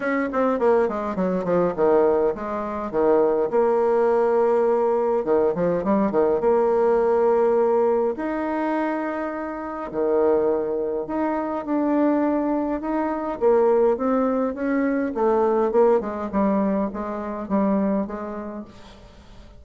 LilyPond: \new Staff \with { instrumentName = "bassoon" } { \time 4/4 \tempo 4 = 103 cis'8 c'8 ais8 gis8 fis8 f8 dis4 | gis4 dis4 ais2~ | ais4 dis8 f8 g8 dis8 ais4~ | ais2 dis'2~ |
dis'4 dis2 dis'4 | d'2 dis'4 ais4 | c'4 cis'4 a4 ais8 gis8 | g4 gis4 g4 gis4 | }